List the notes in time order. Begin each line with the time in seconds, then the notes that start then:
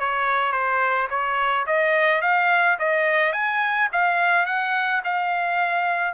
0.00 C#5
0.53 C5
1.10 C#5
1.67 D#5
2.22 F5
2.79 D#5
3.33 G#5
3.93 F5
4.46 F#5
5.05 F5